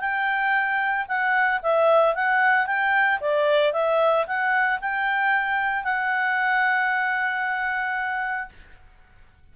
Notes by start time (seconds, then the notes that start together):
0.00 G5
1.08 F#5
1.62 E5
2.15 F#5
2.66 G5
3.20 D5
3.72 E5
4.26 F#5
4.81 G5
5.84 F#5